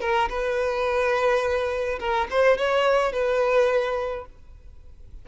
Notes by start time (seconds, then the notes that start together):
0.00 A#4
0.29 B4
1.99 A#4
2.30 C5
2.57 C#5
3.12 B4